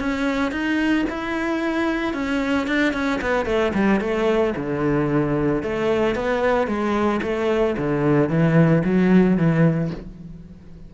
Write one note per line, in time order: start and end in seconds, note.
0.00 0.52 C#4
0.52 1.06 D#4
1.10 2.14 E4
2.14 2.67 C#4
2.68 2.94 D4
2.94 3.20 C#4
3.22 3.46 B3
3.46 3.73 A3
3.75 4.01 G3
4.01 4.54 A3
4.57 5.63 D3
5.63 6.16 A3
6.16 6.67 B3
6.67 7.21 G#3
7.23 7.76 A3
7.78 8.29 D3
8.29 8.83 E3
8.85 9.37 F#3
9.37 9.91 E3